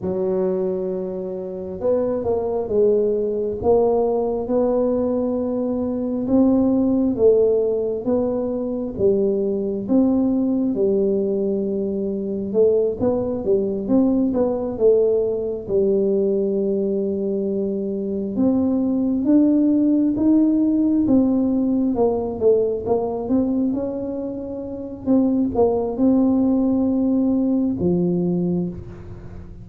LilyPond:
\new Staff \with { instrumentName = "tuba" } { \time 4/4 \tempo 4 = 67 fis2 b8 ais8 gis4 | ais4 b2 c'4 | a4 b4 g4 c'4 | g2 a8 b8 g8 c'8 |
b8 a4 g2~ g8~ | g8 c'4 d'4 dis'4 c'8~ | c'8 ais8 a8 ais8 c'8 cis'4. | c'8 ais8 c'2 f4 | }